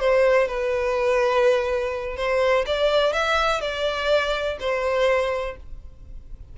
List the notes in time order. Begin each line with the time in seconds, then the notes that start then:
0.00 C5
0.48 B4
2.17 C5
2.67 D5
3.13 E5
3.61 D5
4.60 C5